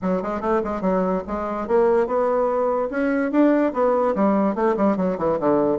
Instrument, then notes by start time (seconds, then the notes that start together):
bassoon
0.02 F#3
0.22 G#3
0.40 A3
0.64 G#3
0.81 F#3
1.27 G#3
1.67 A#3
2.06 B3
2.90 C#4
3.31 D4
3.73 B3
4.15 G3
4.55 A3
4.76 G3
4.96 F#3
5.18 E3
5.39 D3